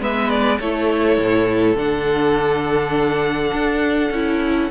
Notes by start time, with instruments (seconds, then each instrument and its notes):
0.00 cello G#3, viola B3, violin B4 E5
0.30 violin D5
0.59 cello A3, viola E4, violin A4 C#5
1.18 cello A2
1.76 cello D3, viola D4, violin F#5
3.53 cello D4
4.10 cello C#4, viola E4